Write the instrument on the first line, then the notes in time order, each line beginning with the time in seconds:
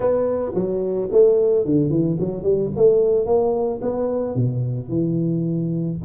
tuba
0.00 B3
0.55 F#3
1.12 A3
1.65 D3
1.90 E3
2.19 F#3
2.43 G3
2.75 A3
3.26 A#3
3.81 B3
4.35 B2
4.88 E3